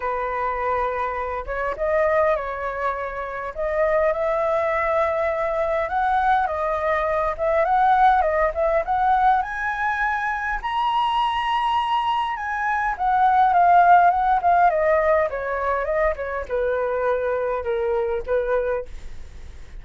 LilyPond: \new Staff \with { instrumentName = "flute" } { \time 4/4 \tempo 4 = 102 b'2~ b'8 cis''8 dis''4 | cis''2 dis''4 e''4~ | e''2 fis''4 dis''4~ | dis''8 e''8 fis''4 dis''8 e''8 fis''4 |
gis''2 ais''2~ | ais''4 gis''4 fis''4 f''4 | fis''8 f''8 dis''4 cis''4 dis''8 cis''8 | b'2 ais'4 b'4 | }